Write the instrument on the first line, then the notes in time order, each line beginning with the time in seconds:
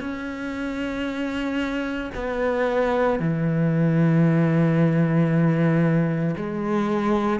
cello
0.00 C#4
2.15 B3
3.19 E3
6.37 G#3